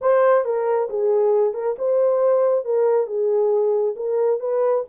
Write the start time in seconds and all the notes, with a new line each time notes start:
0.01 C5
0.44 A#4
0.89 G#4
1.54 A#4
1.78 C5
2.65 A#4
3.06 G#4
3.96 A#4
4.39 B4